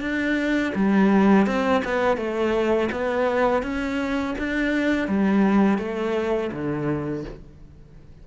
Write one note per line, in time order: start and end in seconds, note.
0.00 0.72 D4
0.75 1.46 G3
1.46 1.82 C4
1.84 2.17 B3
2.17 2.89 A3
2.91 3.62 B3
3.62 4.35 C#4
4.38 5.07 D4
5.07 5.78 G3
5.78 6.50 A3
6.52 7.24 D3